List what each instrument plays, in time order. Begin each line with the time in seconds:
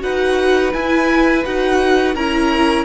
0.00 cello D#4, viola F#4, violin B4 F#5
0.73 viola E4, cello E4, violin G#5
1.45 cello D#4, viola F#4, violin F#5
2.15 cello C#4, viola E4, violin A#4 A#5